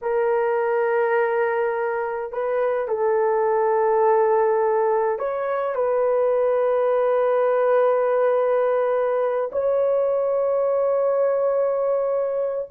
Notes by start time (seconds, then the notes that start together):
0.01 A#4
2.32 B4
2.88 A4
5.18 C#5
5.75 B4
9.52 C#5